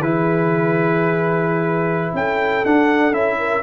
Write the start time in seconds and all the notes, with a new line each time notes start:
0.00 E3 E4 G#4 B4
2.14 C#4 A4 G5
2.65 D4 F#5
3.13 C#4 E4 E5
3.38 A#4